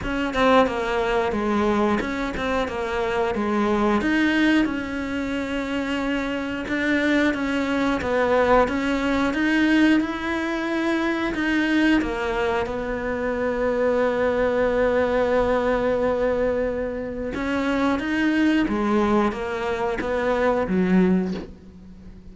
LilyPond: \new Staff \with { instrumentName = "cello" } { \time 4/4 \tempo 4 = 90 cis'8 c'8 ais4 gis4 cis'8 c'8 | ais4 gis4 dis'4 cis'4~ | cis'2 d'4 cis'4 | b4 cis'4 dis'4 e'4~ |
e'4 dis'4 ais4 b4~ | b1~ | b2 cis'4 dis'4 | gis4 ais4 b4 fis4 | }